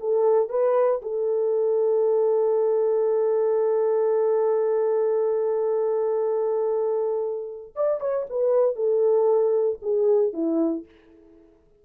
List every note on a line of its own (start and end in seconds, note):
0.00 0.49 A4
0.49 1.01 B4
1.02 7.74 A4
7.75 8.00 D5
8.00 8.26 C#5
8.29 8.76 B4
8.76 9.79 A4
9.82 10.33 G#4
10.33 10.85 E4